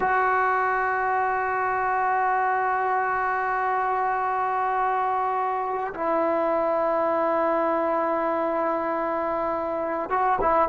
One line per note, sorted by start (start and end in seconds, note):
0.00 5.93 F#4
5.94 10.09 E4
10.09 10.39 F#4
10.41 10.68 E4